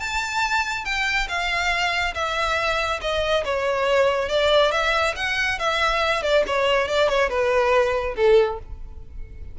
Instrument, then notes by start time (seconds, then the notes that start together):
violin
0.00 A5
0.85 G5
1.29 F5
2.14 E5
3.02 D#5
3.45 C#5
4.29 D5
4.72 E5
5.16 F#5
5.59 E5
6.23 D5
6.47 C#5
6.88 D5
7.09 C#5
7.30 B4
8.16 A4